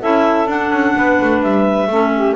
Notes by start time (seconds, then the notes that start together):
0.00 C#4 E4 A4 E5
0.47 D4 F#5
0.70 C#4
0.96 B3 B4
1.21 A3
1.42 G3 E5
1.87 A3 C#4 A4
2.15 G4